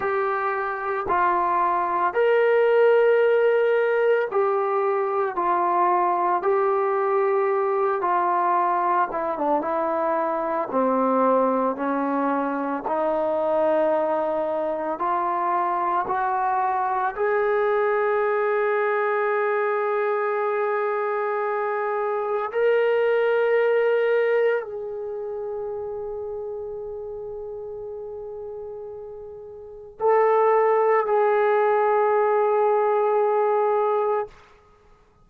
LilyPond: \new Staff \with { instrumentName = "trombone" } { \time 4/4 \tempo 4 = 56 g'4 f'4 ais'2 | g'4 f'4 g'4. f'8~ | f'8 e'16 d'16 e'4 c'4 cis'4 | dis'2 f'4 fis'4 |
gis'1~ | gis'4 ais'2 gis'4~ | gis'1 | a'4 gis'2. | }